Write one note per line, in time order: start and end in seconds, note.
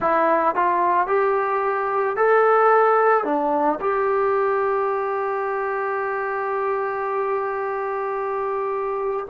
0.00 0.55 E4
0.55 1.07 F4
1.07 2.16 G4
2.16 3.24 A4
3.24 3.79 D4
3.80 9.25 G4